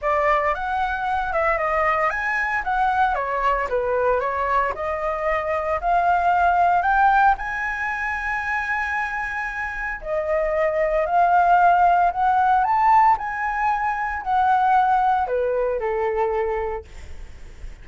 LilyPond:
\new Staff \with { instrumentName = "flute" } { \time 4/4 \tempo 4 = 114 d''4 fis''4. e''8 dis''4 | gis''4 fis''4 cis''4 b'4 | cis''4 dis''2 f''4~ | f''4 g''4 gis''2~ |
gis''2. dis''4~ | dis''4 f''2 fis''4 | a''4 gis''2 fis''4~ | fis''4 b'4 a'2 | }